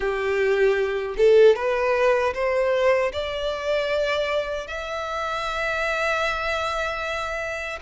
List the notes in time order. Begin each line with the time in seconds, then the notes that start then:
0.00 G4
1.17 A4
1.55 B4
2.34 C5
3.12 D5
4.67 E5